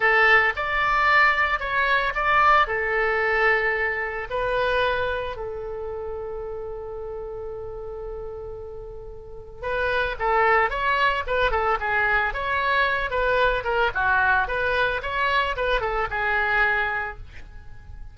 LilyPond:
\new Staff \with { instrumentName = "oboe" } { \time 4/4 \tempo 4 = 112 a'4 d''2 cis''4 | d''4 a'2. | b'2 a'2~ | a'1~ |
a'2 b'4 a'4 | cis''4 b'8 a'8 gis'4 cis''4~ | cis''8 b'4 ais'8 fis'4 b'4 | cis''4 b'8 a'8 gis'2 | }